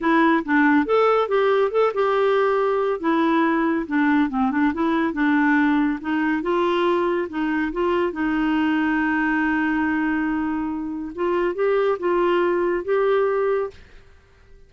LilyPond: \new Staff \with { instrumentName = "clarinet" } { \time 4/4 \tempo 4 = 140 e'4 d'4 a'4 g'4 | a'8 g'2~ g'8 e'4~ | e'4 d'4 c'8 d'8 e'4 | d'2 dis'4 f'4~ |
f'4 dis'4 f'4 dis'4~ | dis'1~ | dis'2 f'4 g'4 | f'2 g'2 | }